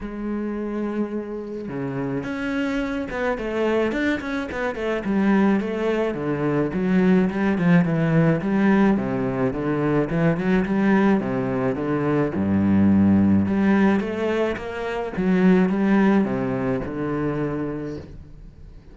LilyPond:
\new Staff \with { instrumentName = "cello" } { \time 4/4 \tempo 4 = 107 gis2. cis4 | cis'4. b8 a4 d'8 cis'8 | b8 a8 g4 a4 d4 | fis4 g8 f8 e4 g4 |
c4 d4 e8 fis8 g4 | c4 d4 g,2 | g4 a4 ais4 fis4 | g4 c4 d2 | }